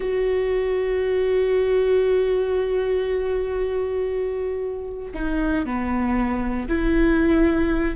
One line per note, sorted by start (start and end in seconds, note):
0.00 5.12 F#4
5.14 5.65 D#4
5.65 6.68 B3
6.68 7.96 E4